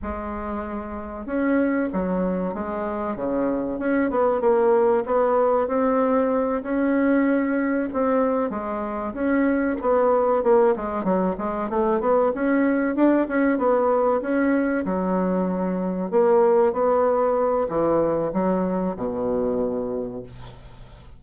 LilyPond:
\new Staff \with { instrumentName = "bassoon" } { \time 4/4 \tempo 4 = 95 gis2 cis'4 fis4 | gis4 cis4 cis'8 b8 ais4 | b4 c'4. cis'4.~ | cis'8 c'4 gis4 cis'4 b8~ |
b8 ais8 gis8 fis8 gis8 a8 b8 cis'8~ | cis'8 d'8 cis'8 b4 cis'4 fis8~ | fis4. ais4 b4. | e4 fis4 b,2 | }